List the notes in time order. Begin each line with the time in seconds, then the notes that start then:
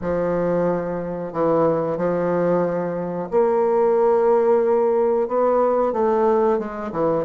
0.01 F3
1.32 E3
1.97 F3
3.30 A#3
5.28 B3
5.92 A3
6.58 G#3
6.92 E3